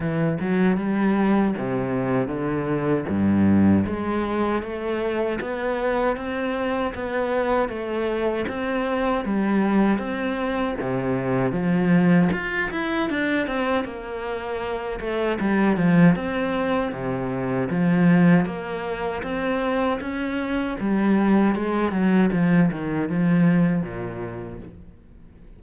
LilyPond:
\new Staff \with { instrumentName = "cello" } { \time 4/4 \tempo 4 = 78 e8 fis8 g4 c4 d4 | g,4 gis4 a4 b4 | c'4 b4 a4 c'4 | g4 c'4 c4 f4 |
f'8 e'8 d'8 c'8 ais4. a8 | g8 f8 c'4 c4 f4 | ais4 c'4 cis'4 g4 | gis8 fis8 f8 dis8 f4 ais,4 | }